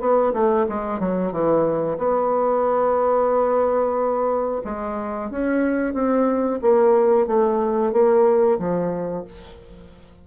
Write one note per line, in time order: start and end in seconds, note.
0.00 0.33 B3
0.33 0.66 A3
0.69 1.00 G#3
1.00 1.32 F#3
1.32 1.98 E3
1.98 4.62 B3
4.64 5.30 G#3
5.30 5.93 C#4
5.93 6.59 C4
6.62 7.26 A#3
7.26 7.92 A3
7.92 8.58 A#3
8.59 9.25 F3